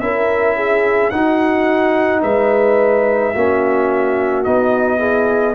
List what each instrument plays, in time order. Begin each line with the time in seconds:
0.00 tuba C#4, trombone E4, horn A#4, trumpet E5
0.57 horn G#4
1.10 tuba D#4, trombone D#4, horn F#4, trumpet F#5
2.23 tuba G#3, horn B4, trumpet E5
3.34 tuba A#3, trombone C#4, horn F#4
4.44 tuba B3, trombone D#4, trumpet D#5
4.99 trombone E4, horn G#4